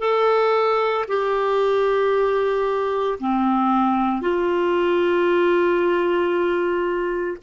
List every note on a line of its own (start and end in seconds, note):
0.00 1.05 A4
1.09 3.19 G4
3.20 4.22 C4
4.22 7.37 F4